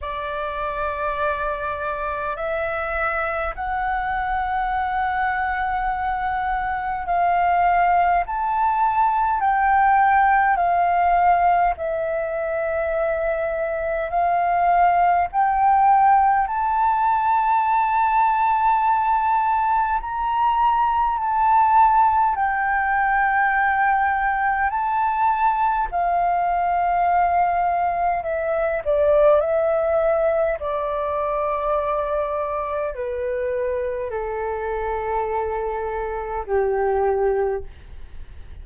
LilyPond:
\new Staff \with { instrumentName = "flute" } { \time 4/4 \tempo 4 = 51 d''2 e''4 fis''4~ | fis''2 f''4 a''4 | g''4 f''4 e''2 | f''4 g''4 a''2~ |
a''4 ais''4 a''4 g''4~ | g''4 a''4 f''2 | e''8 d''8 e''4 d''2 | b'4 a'2 g'4 | }